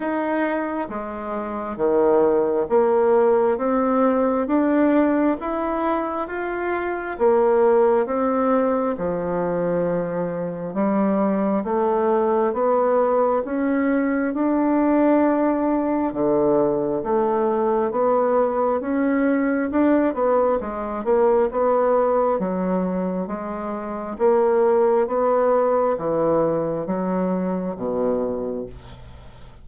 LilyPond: \new Staff \with { instrumentName = "bassoon" } { \time 4/4 \tempo 4 = 67 dis'4 gis4 dis4 ais4 | c'4 d'4 e'4 f'4 | ais4 c'4 f2 | g4 a4 b4 cis'4 |
d'2 d4 a4 | b4 cis'4 d'8 b8 gis8 ais8 | b4 fis4 gis4 ais4 | b4 e4 fis4 b,4 | }